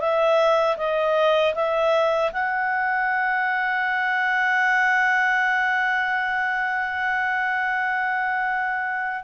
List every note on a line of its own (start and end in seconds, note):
0.00 0.77 E5
0.77 1.54 D#5
1.55 2.31 E5
2.33 9.23 F#5